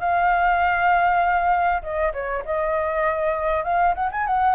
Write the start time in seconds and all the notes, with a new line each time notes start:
0.00 F5
1.82 D#5
2.13 C#5
2.45 D#5
3.64 F5
3.94 F#5
4.12 G#5
4.27 F#5